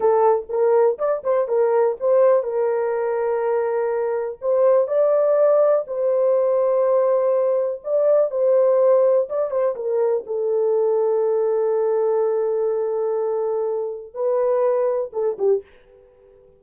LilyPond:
\new Staff \with { instrumentName = "horn" } { \time 4/4 \tempo 4 = 123 a'4 ais'4 d''8 c''8 ais'4 | c''4 ais'2.~ | ais'4 c''4 d''2 | c''1 |
d''4 c''2 d''8 c''8 | ais'4 a'2.~ | a'1~ | a'4 b'2 a'8 g'8 | }